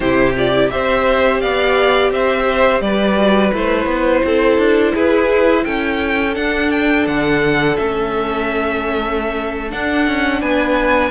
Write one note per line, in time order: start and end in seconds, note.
0.00 0.69 C3
0.00 0.33 E4
0.00 0.71 G4
0.00 0.33 C5
0.36 0.53 F4
0.36 0.70 D5
0.53 0.70 E4
0.70 1.43 C4
0.70 3.14 G4
0.70 1.41 C5
0.70 1.40 E5
1.40 2.11 B3
1.40 2.11 D5
1.40 2.11 F5
2.11 2.80 C4
2.11 2.82 C5
2.11 2.80 E5
2.80 3.51 G3
2.80 4.25 B4
2.80 3.51 D5
3.14 3.49 F#4
3.53 3.85 A3
3.53 6.32 E4
3.53 4.95 C5
3.85 4.20 B3
4.24 4.58 C4
4.24 4.93 A4
4.58 4.93 D4
4.93 5.66 E4
4.93 5.64 G#4
4.93 5.64 B4
5.64 6.36 C#4
5.64 10.41 A4
5.64 6.34 G5
6.32 7.73 D4
6.32 7.07 D4
6.32 6.71 F#5
6.71 7.06 G5
7.07 7.77 D3
7.07 7.76 F#5
7.76 9.72 A3
7.76 9.70 C#4
7.76 9.71 E5
9.70 11.11 D4
9.70 10.07 D4
9.70 10.41 F#5
10.07 10.41 C#4
10.41 11.11 B3
10.41 11.11 B4
10.41 11.11 G#5